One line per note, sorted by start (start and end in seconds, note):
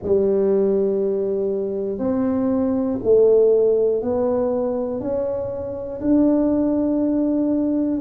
0.02 1.98 G3
1.98 2.98 C4
3.03 4.02 A3
4.02 5.00 B3
5.00 6.00 C#4
6.00 8.00 D4